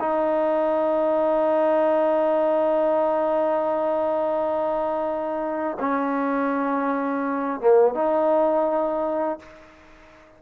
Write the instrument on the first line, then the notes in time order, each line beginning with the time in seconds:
trombone
0.00 D#4
5.80 C#4
7.61 A#3
7.95 D#4